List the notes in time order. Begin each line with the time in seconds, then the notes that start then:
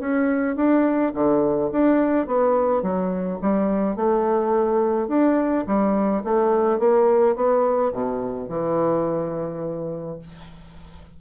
0.00 C#4
0.57 D4
1.14 D3
1.72 D4
2.27 B3
2.83 F#3
3.42 G3
3.96 A3
5.08 D4
5.67 G3
6.24 A3
6.80 A#3
7.36 B3
7.93 B2
8.49 E3